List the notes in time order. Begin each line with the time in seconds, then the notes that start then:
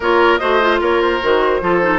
0.00 A#3 F4 A#4 C#5
0.37 A3 F#4 C5 D#5
0.61 F4
0.80 A#3 A#4 C#5
1.01 C5
1.21 D#3 F#4
1.60 F3 F4 A4
1.81 D#4